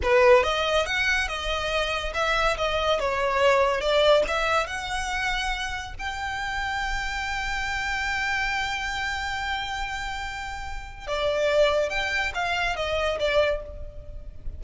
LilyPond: \new Staff \with { instrumentName = "violin" } { \time 4/4 \tempo 4 = 141 b'4 dis''4 fis''4 dis''4~ | dis''4 e''4 dis''4 cis''4~ | cis''4 d''4 e''4 fis''4~ | fis''2 g''2~ |
g''1~ | g''1~ | g''2 d''2 | g''4 f''4 dis''4 d''4 | }